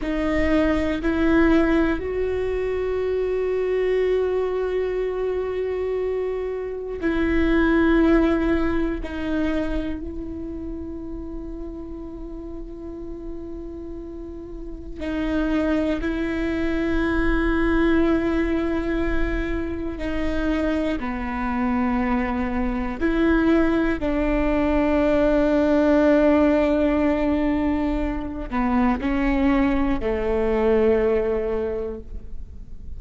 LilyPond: \new Staff \with { instrumentName = "viola" } { \time 4/4 \tempo 4 = 60 dis'4 e'4 fis'2~ | fis'2. e'4~ | e'4 dis'4 e'2~ | e'2. dis'4 |
e'1 | dis'4 b2 e'4 | d'1~ | d'8 b8 cis'4 a2 | }